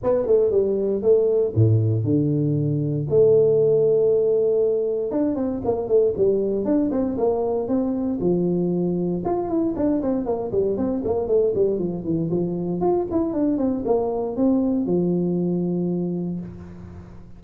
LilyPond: \new Staff \with { instrumentName = "tuba" } { \time 4/4 \tempo 4 = 117 b8 a8 g4 a4 a,4 | d2 a2~ | a2 d'8 c'8 ais8 a8 | g4 d'8 c'8 ais4 c'4 |
f2 f'8 e'8 d'8 c'8 | ais8 g8 c'8 ais8 a8 g8 f8 e8 | f4 f'8 e'8 d'8 c'8 ais4 | c'4 f2. | }